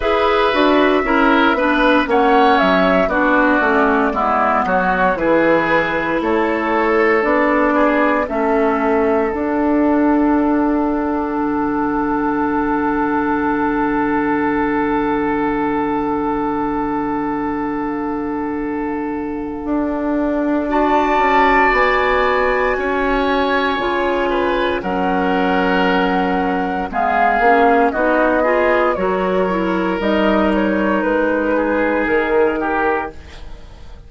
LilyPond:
<<
  \new Staff \with { instrumentName = "flute" } { \time 4/4 \tempo 4 = 58 e''2 fis''8 e''8 d''4~ | d''8 cis''8 b'4 cis''4 d''4 | e''4 fis''2.~ | fis''1~ |
fis''1 | a''4 gis''2. | fis''2 f''4 dis''4 | cis''4 dis''8 cis''8 b'4 ais'4 | }
  \new Staff \with { instrumentName = "oboe" } { \time 4/4 b'4 ais'8 b'8 cis''4 fis'4 | e'8 fis'8 gis'4 a'4. gis'8 | a'1~ | a'1~ |
a'1 | d''2 cis''4. b'8 | ais'2 gis'4 fis'8 gis'8 | ais'2~ ais'8 gis'4 g'8 | }
  \new Staff \with { instrumentName = "clarinet" } { \time 4/4 gis'8 fis'8 e'8 d'8 cis'4 d'8 cis'8 | b4 e'2 d'4 | cis'4 d'2.~ | d'1~ |
d'1 | fis'2. f'4 | cis'2 b8 cis'8 dis'8 f'8 | fis'8 e'8 dis'2. | }
  \new Staff \with { instrumentName = "bassoon" } { \time 4/4 e'8 d'8 cis'8 b8 ais8 fis8 b8 a8 | gis8 fis8 e4 a4 b4 | a4 d'2 d4~ | d1~ |
d2. d'4~ | d'8 cis'8 b4 cis'4 cis4 | fis2 gis8 ais8 b4 | fis4 g4 gis4 dis4 | }
>>